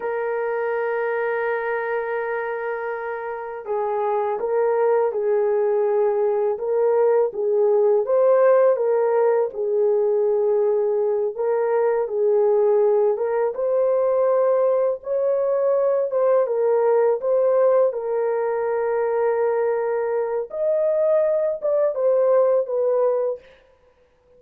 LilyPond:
\new Staff \with { instrumentName = "horn" } { \time 4/4 \tempo 4 = 82 ais'1~ | ais'4 gis'4 ais'4 gis'4~ | gis'4 ais'4 gis'4 c''4 | ais'4 gis'2~ gis'8 ais'8~ |
ais'8 gis'4. ais'8 c''4.~ | c''8 cis''4. c''8 ais'4 c''8~ | c''8 ais'2.~ ais'8 | dis''4. d''8 c''4 b'4 | }